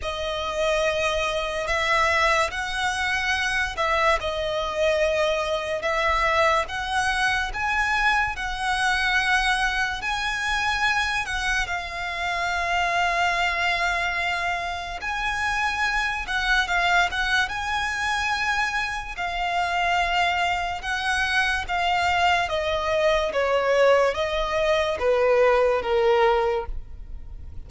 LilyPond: \new Staff \with { instrumentName = "violin" } { \time 4/4 \tempo 4 = 72 dis''2 e''4 fis''4~ | fis''8 e''8 dis''2 e''4 | fis''4 gis''4 fis''2 | gis''4. fis''8 f''2~ |
f''2 gis''4. fis''8 | f''8 fis''8 gis''2 f''4~ | f''4 fis''4 f''4 dis''4 | cis''4 dis''4 b'4 ais'4 | }